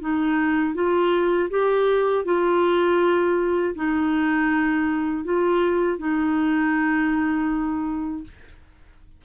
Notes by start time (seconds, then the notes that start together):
0.00 D#4
0.74 F4
1.50 G4
2.24 F4
3.75 D#4
5.24 F4
5.98 D#4